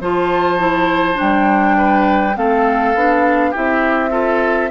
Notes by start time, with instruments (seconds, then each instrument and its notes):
0.00 bassoon F3, clarinet F4, oboe C5, flute A5
0.58 clarinet E4
1.14 clarinet D4, flute G5
1.20 bassoon G3
1.77 oboe B4
2.36 bassoon A3, clarinet C4, oboe A4, flute F5
2.94 bassoon B3, clarinet D4
3.50 bassoon C4, clarinet E4, oboe G4, flute E5
4.10 clarinet F4, oboe A4